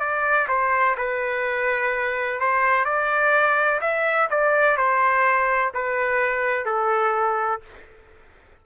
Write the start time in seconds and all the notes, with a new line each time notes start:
0.00 D5
0.48 C5
0.97 B4
2.40 C5
2.85 D5
3.81 E5
4.30 D5
4.77 C5
5.74 B4
6.66 A4